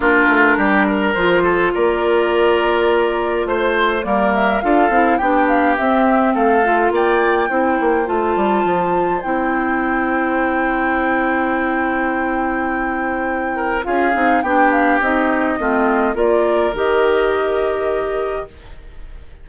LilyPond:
<<
  \new Staff \with { instrumentName = "flute" } { \time 4/4 \tempo 4 = 104 ais'2 c''4 d''4~ | d''2 c''4 d''8 e''8 | f''4 g''8 f''8 e''4 f''4 | g''2 a''2 |
g''1~ | g''1 | f''4 g''8 f''8 dis''2 | d''4 dis''2. | }
  \new Staff \with { instrumentName = "oboe" } { \time 4/4 f'4 g'8 ais'4 a'8 ais'4~ | ais'2 c''4 ais'4 | a'4 g'2 a'4 | d''4 c''2.~ |
c''1~ | c''2.~ c''8 ais'8 | gis'4 g'2 f'4 | ais'1 | }
  \new Staff \with { instrumentName = "clarinet" } { \time 4/4 d'2 f'2~ | f'2. ais4 | f'8 e'8 d'4 c'4. f'8~ | f'4 e'4 f'2 |
e'1~ | e'1 | f'8 dis'8 d'4 dis'4 c'4 | f'4 g'2. | }
  \new Staff \with { instrumentName = "bassoon" } { \time 4/4 ais8 a8 g4 f4 ais4~ | ais2 a4 g4 | d'8 c'8 b4 c'4 a4 | ais4 c'8 ais8 a8 g8 f4 |
c'1~ | c'1 | cis'8 c'8 b4 c'4 a4 | ais4 dis2. | }
>>